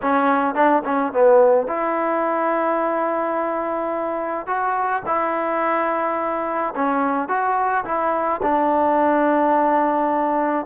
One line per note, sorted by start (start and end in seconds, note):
0.02 0.54 C#4
0.54 0.82 D4
0.85 1.12 C#4
1.12 1.67 B3
1.67 4.47 E4
4.47 5.03 F#4
5.05 6.74 E4
6.75 7.28 C#4
7.28 7.84 F#4
7.84 8.40 E4
8.42 10.66 D4